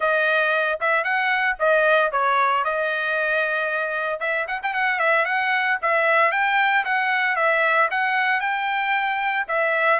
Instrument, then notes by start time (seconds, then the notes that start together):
trumpet
0.00 D#5
0.80 E5
1.04 F#5
1.59 D#5
2.11 C#5
2.64 D#5
4.20 E5
4.47 F#5
4.62 G5
4.73 F#5
4.99 E5
5.25 F#5
5.82 E5
6.31 G5
6.84 F#5
7.36 E5
7.90 F#5
8.40 G5
9.48 E5